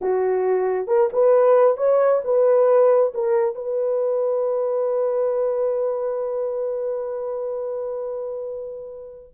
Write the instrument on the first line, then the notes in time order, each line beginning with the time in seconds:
horn
0.01 F#4
0.87 A#4
1.12 B4
1.77 C#5
2.24 B4
3.14 A#4
3.55 B4